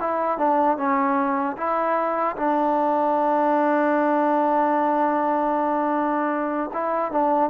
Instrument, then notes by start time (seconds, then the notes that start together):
trombone
0.00 E4
0.38 D4
0.77 C#4
1.57 E4
2.36 D4
6.73 E4
7.12 D4